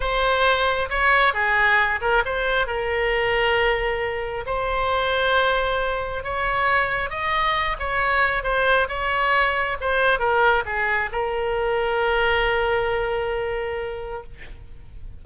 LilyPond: \new Staff \with { instrumentName = "oboe" } { \time 4/4 \tempo 4 = 135 c''2 cis''4 gis'4~ | gis'8 ais'8 c''4 ais'2~ | ais'2 c''2~ | c''2 cis''2 |
dis''4. cis''4. c''4 | cis''2 c''4 ais'4 | gis'4 ais'2.~ | ais'1 | }